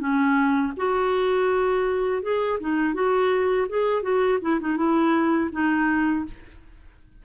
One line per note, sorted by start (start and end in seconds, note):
0.00 0.73 C#4
0.77 2.23 F#4
2.23 2.59 G#4
2.60 2.94 D#4
2.94 3.68 F#4
3.69 4.03 G#4
4.03 4.39 F#4
4.42 4.60 E4
4.61 4.77 D#4
4.77 5.50 E4
5.52 6.26 D#4